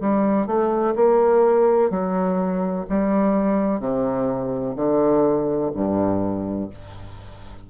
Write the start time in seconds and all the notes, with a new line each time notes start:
0.00 G3
0.46 A3
0.95 A#3
1.90 F#3
2.89 G3
3.79 C3
4.76 D3
5.74 G2